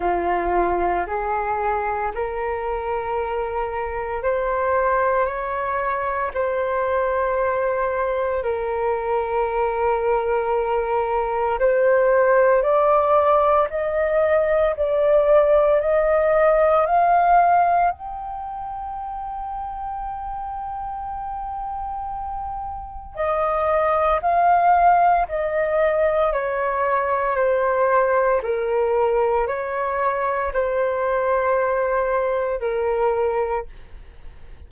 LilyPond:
\new Staff \with { instrumentName = "flute" } { \time 4/4 \tempo 4 = 57 f'4 gis'4 ais'2 | c''4 cis''4 c''2 | ais'2. c''4 | d''4 dis''4 d''4 dis''4 |
f''4 g''2.~ | g''2 dis''4 f''4 | dis''4 cis''4 c''4 ais'4 | cis''4 c''2 ais'4 | }